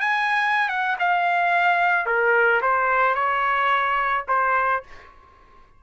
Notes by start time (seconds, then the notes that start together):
0.00 G#5
0.69 F#5
0.99 F5
2.06 A#4
2.61 C5
3.15 C#5
4.28 C5